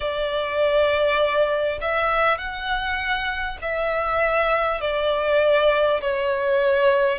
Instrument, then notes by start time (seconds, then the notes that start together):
violin
0.00 D5
1.81 E5
2.37 F#5
3.61 E5
4.81 D5
6.01 C#5